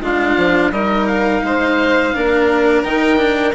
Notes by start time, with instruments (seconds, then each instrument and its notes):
0.00 bassoon G#3, cello D4, violin F4, oboe F5
0.37 bassoon F3
0.71 bassoon G3, cello D#4, violin A#4, oboe D#5
1.07 oboe F5
1.43 bassoon G#3, violin C5
2.14 bassoon A#3, cello D4, violin A#4
2.83 bassoon D#3, cello D#4, oboe G5
3.17 cello D4